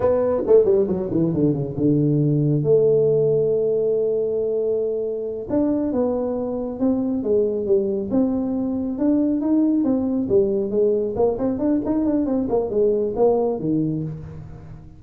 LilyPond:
\new Staff \with { instrumentName = "tuba" } { \time 4/4 \tempo 4 = 137 b4 a8 g8 fis8 e8 d8 cis8 | d2 a2~ | a1~ | a8 d'4 b2 c'8~ |
c'8 gis4 g4 c'4.~ | c'8 d'4 dis'4 c'4 g8~ | g8 gis4 ais8 c'8 d'8 dis'8 d'8 | c'8 ais8 gis4 ais4 dis4 | }